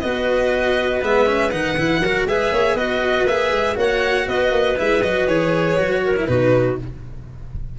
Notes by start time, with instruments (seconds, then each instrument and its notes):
0.00 tuba B3, cello F#4, clarinet B4, violin D#5
1.02 tuba G#3, cello B3, violin E5
1.26 cello C#4
1.51 tuba D#3, cello D#4, violin F#5
1.78 tuba E3, cello E4
2.00 tuba F#3, cello F#4, clarinet A#4
2.26 tuba G#3, cello G#4, clarinet B4, violin E5
2.52 tuba A#3, clarinet C#5
2.75 tuba B3, cello F#4, clarinet B4, violin D#5
3.26 tuba A#3, cello G#4, violin E5
3.51 tuba G#3
3.75 tuba A#3, cello F#4, clarinet C#5, violin F#5
4.26 tuba B3, clarinet B4, violin D#5
4.51 tuba A#3
4.77 tuba G#3, cello E4, violin E5
5.02 tuba F#3, cello F#4, violin D#5
5.27 tuba E3, cello G#4, violin C#5
5.78 tuba F#3, cello F#4
6.04 clarinet A#4
6.17 cello E4
6.26 tuba B2, cello D#4, clarinet F#4, violin B4